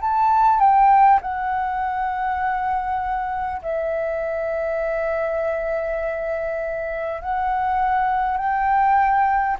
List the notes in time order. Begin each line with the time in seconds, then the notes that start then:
0.00 A5
0.59 G5
1.21 F#5
3.62 E5
7.21 F#5
8.37 G5